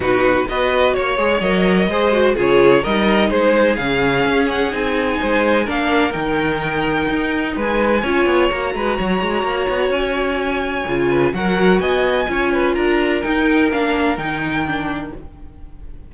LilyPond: <<
  \new Staff \with { instrumentName = "violin" } { \time 4/4 \tempo 4 = 127 b'4 dis''4 cis''4 dis''4~ | dis''4 cis''4 dis''4 c''4 | f''4. fis''8 gis''2 | f''4 g''2. |
gis''2 ais''2~ | ais''4 gis''2. | fis''4 gis''2 ais''4 | g''4 f''4 g''2 | }
  \new Staff \with { instrumentName = "violin" } { \time 4/4 fis'4 b'4 cis''2 | c''4 gis'4 ais'4 gis'4~ | gis'2. c''4 | ais'1 |
b'4 cis''4. b'8 cis''4~ | cis''2.~ cis''8 b'8 | ais'4 dis''4 cis''8 b'8 ais'4~ | ais'1 | }
  \new Staff \with { instrumentName = "viola" } { \time 4/4 dis'4 fis'4. gis'8 ais'4 | gis'8 fis'8 f'4 dis'2 | cis'2 dis'2 | d'4 dis'2.~ |
dis'4 f'4 fis'2~ | fis'2. f'4 | fis'2 f'2 | dis'4 d'4 dis'4 d'4 | }
  \new Staff \with { instrumentName = "cello" } { \time 4/4 b,4 b4 ais8 gis8 fis4 | gis4 cis4 g4 gis4 | cis4 cis'4 c'4 gis4 | ais4 dis2 dis'4 |
gis4 cis'8 b8 ais8 gis8 fis8 gis8 | ais8 b8 cis'2 cis4 | fis4 b4 cis'4 d'4 | dis'4 ais4 dis2 | }
>>